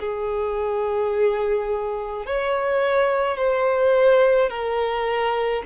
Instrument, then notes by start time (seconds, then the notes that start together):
violin
0.00 G#4
2.26 C#5
3.38 C5
4.50 A#4